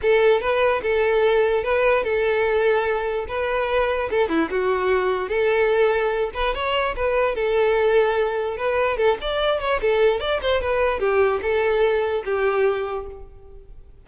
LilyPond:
\new Staff \with { instrumentName = "violin" } { \time 4/4 \tempo 4 = 147 a'4 b'4 a'2 | b'4 a'2. | b'2 a'8 e'8 fis'4~ | fis'4 a'2~ a'8 b'8 |
cis''4 b'4 a'2~ | a'4 b'4 a'8 d''4 cis''8 | a'4 d''8 c''8 b'4 g'4 | a'2 g'2 | }